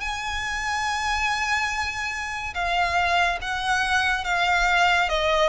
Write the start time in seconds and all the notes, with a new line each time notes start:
0.00 G#5
2.54 F5
3.41 F#5
4.24 F5
5.09 D#5